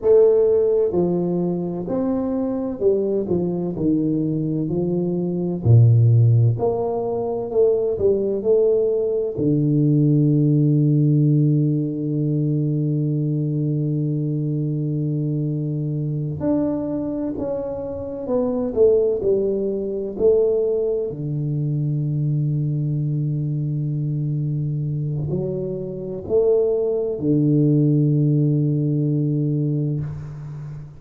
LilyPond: \new Staff \with { instrumentName = "tuba" } { \time 4/4 \tempo 4 = 64 a4 f4 c'4 g8 f8 | dis4 f4 ais,4 ais4 | a8 g8 a4 d2~ | d1~ |
d4. d'4 cis'4 b8 | a8 g4 a4 d4.~ | d2. fis4 | a4 d2. | }